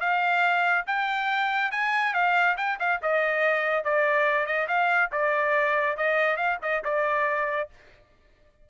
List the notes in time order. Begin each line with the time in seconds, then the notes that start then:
0.00 F5
0.86 G5
1.71 G#5
2.14 F5
2.57 G5
2.79 F5
3.02 D#5
3.84 D5
4.46 D#5
4.68 F5
5.12 D5
5.97 D#5
6.36 F5
6.62 D#5
6.84 D5